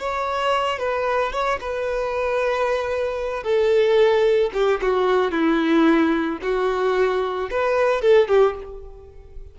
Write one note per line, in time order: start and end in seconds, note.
0.00 0.79 C#5
0.79 1.33 B4
1.33 1.60 C#5
1.61 3.44 B4
3.44 4.51 A4
4.54 4.80 G4
4.82 5.32 F#4
5.32 6.39 E4
6.43 7.50 F#4
7.51 8.02 B4
8.02 8.29 A4
8.29 8.56 G4